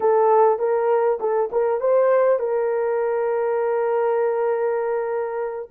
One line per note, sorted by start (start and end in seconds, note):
0.00 0.58 A4
0.58 1.18 A#4
1.20 1.50 A4
1.52 1.80 A#4
1.80 2.39 C5
2.39 5.69 A#4